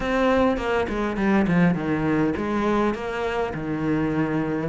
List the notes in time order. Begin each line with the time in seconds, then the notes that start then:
0.00 C4
0.57 A#3
0.88 G#3
1.17 G3
1.47 F3
1.74 D#3
2.36 G#3
2.94 A#3
3.54 D#3